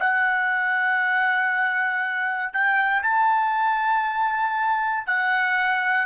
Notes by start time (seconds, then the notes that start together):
0.00 F#5
2.53 G5
3.03 A5
5.07 F#5